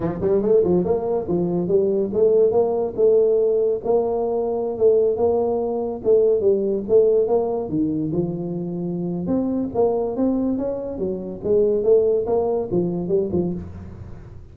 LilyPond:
\new Staff \with { instrumentName = "tuba" } { \time 4/4 \tempo 4 = 142 f8 g8 a8 f8 ais4 f4 | g4 a4 ais4 a4~ | a4 ais2~ ais16 a8.~ | a16 ais2 a4 g8.~ |
g16 a4 ais4 dis4 f8.~ | f2 c'4 ais4 | c'4 cis'4 fis4 gis4 | a4 ais4 f4 g8 f8 | }